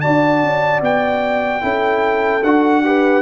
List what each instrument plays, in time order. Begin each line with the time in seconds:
0.00 trombone F#4, horn D5, trumpet A5
0.06 tuba D4
0.43 tuba C#4
0.81 tuba B3, trumpet G5
1.61 tuba C#4, trombone E4, horn A4
2.43 tuba D4, trombone F#4, trumpet F#5
2.83 trombone G4, horn B4